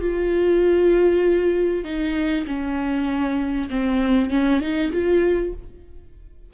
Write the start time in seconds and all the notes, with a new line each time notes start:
0.00 F4
1.84 D#4
2.46 C#4
3.69 C4
4.30 C#4
4.60 D#4
4.91 F4